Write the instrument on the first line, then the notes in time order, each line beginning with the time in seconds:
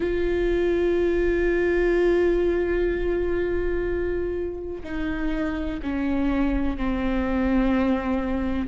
viola
0.00 F4
4.83 D#4
5.82 C#4
6.77 C4